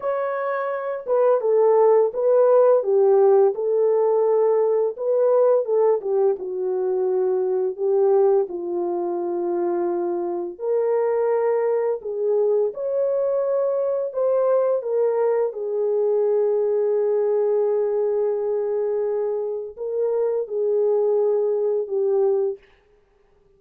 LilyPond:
\new Staff \with { instrumentName = "horn" } { \time 4/4 \tempo 4 = 85 cis''4. b'8 a'4 b'4 | g'4 a'2 b'4 | a'8 g'8 fis'2 g'4 | f'2. ais'4~ |
ais'4 gis'4 cis''2 | c''4 ais'4 gis'2~ | gis'1 | ais'4 gis'2 g'4 | }